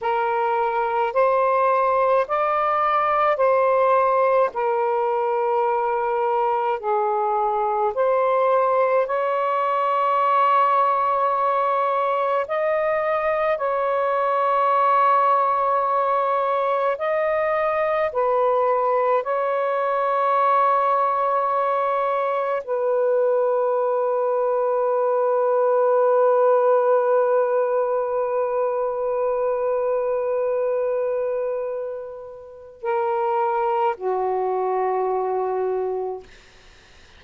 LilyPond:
\new Staff \with { instrumentName = "saxophone" } { \time 4/4 \tempo 4 = 53 ais'4 c''4 d''4 c''4 | ais'2 gis'4 c''4 | cis''2. dis''4 | cis''2. dis''4 |
b'4 cis''2. | b'1~ | b'1~ | b'4 ais'4 fis'2 | }